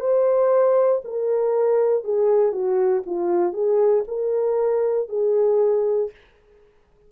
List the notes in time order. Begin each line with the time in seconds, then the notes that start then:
0.00 C5
1.04 A#4
2.04 G#4
2.52 F#4
3.06 F4
3.53 G#4
4.07 A#4
5.09 G#4